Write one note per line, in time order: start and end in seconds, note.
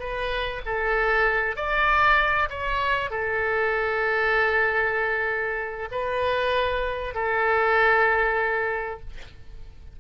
0.00 0.62 B4
0.66 1.57 A4
1.57 2.49 D5
2.50 3.11 C#5
3.11 5.89 A4
5.92 7.15 B4
7.15 9.01 A4